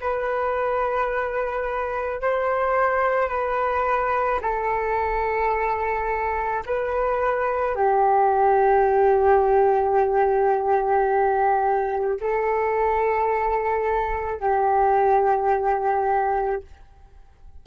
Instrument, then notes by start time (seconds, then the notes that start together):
flute
0.00 B4
2.21 C5
3.28 B4
4.41 A4
6.66 B4
7.75 G4
12.20 A4
14.40 G4